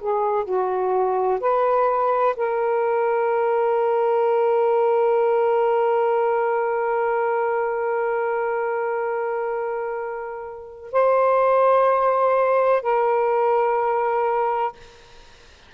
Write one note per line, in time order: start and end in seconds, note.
0.00 0.45 G#4
0.45 1.40 F#4
1.40 2.35 B4
2.36 10.92 A#4
10.92 12.82 C5
12.82 14.73 A#4